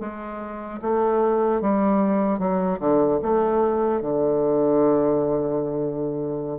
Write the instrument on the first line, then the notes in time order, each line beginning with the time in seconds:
bassoon
0.00 G#3
0.82 A3
1.61 G3
2.39 F#3
2.80 D3
3.23 A3
4.01 D3